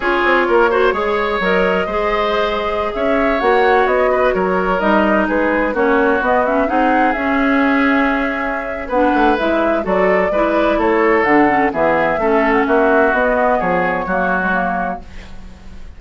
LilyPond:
<<
  \new Staff \with { instrumentName = "flute" } { \time 4/4 \tempo 4 = 128 cis''2. dis''4~ | dis''2~ dis''16 e''4 fis''8.~ | fis''16 dis''4 cis''4 dis''4 b'8.~ | b'16 cis''4 dis''8 e''8 fis''4 e''8.~ |
e''2. fis''4 | e''4 d''2 cis''4 | fis''4 e''4.~ e''16 fis''16 e''4 | dis''4 cis''2. | }
  \new Staff \with { instrumentName = "oboe" } { \time 4/4 gis'4 ais'8 c''8 cis''2 | c''2~ c''16 cis''4.~ cis''16~ | cis''8. b'8 ais'2 gis'8.~ | gis'16 fis'2 gis'4.~ gis'16~ |
gis'2. b'4~ | b'4 a'4 b'4 a'4~ | a'4 gis'4 a'4 fis'4~ | fis'4 gis'4 fis'2 | }
  \new Staff \with { instrumentName = "clarinet" } { \time 4/4 f'4. fis'8 gis'4 ais'4 | gis'2.~ gis'16 fis'8.~ | fis'2~ fis'16 dis'4.~ dis'16~ | dis'16 cis'4 b8 cis'8 dis'4 cis'8.~ |
cis'2. d'4 | e'4 fis'4 e'2 | d'8 cis'8 b4 cis'2 | b2 ais8. gis16 ais4 | }
  \new Staff \with { instrumentName = "bassoon" } { \time 4/4 cis'8 c'8 ais4 gis4 fis4 | gis2~ gis16 cis'4 ais8.~ | ais16 b4 fis4 g4 gis8.~ | gis16 ais4 b4 c'4 cis'8.~ |
cis'2. b8 a8 | gis4 fis4 gis4 a4 | d4 e4 a4 ais4 | b4 f4 fis2 | }
>>